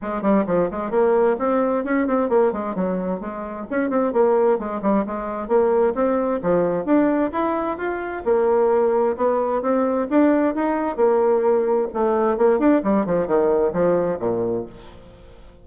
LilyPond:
\new Staff \with { instrumentName = "bassoon" } { \time 4/4 \tempo 4 = 131 gis8 g8 f8 gis8 ais4 c'4 | cis'8 c'8 ais8 gis8 fis4 gis4 | cis'8 c'8 ais4 gis8 g8 gis4 | ais4 c'4 f4 d'4 |
e'4 f'4 ais2 | b4 c'4 d'4 dis'4 | ais2 a4 ais8 d'8 | g8 f8 dis4 f4 ais,4 | }